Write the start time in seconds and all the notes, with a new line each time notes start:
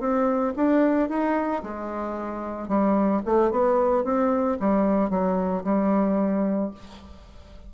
0.00 C4
0.56 D4
1.09 D#4
1.63 G#3
2.68 G3
3.26 A3
3.51 B3
4.04 C4
4.60 G3
5.10 F#3
5.64 G3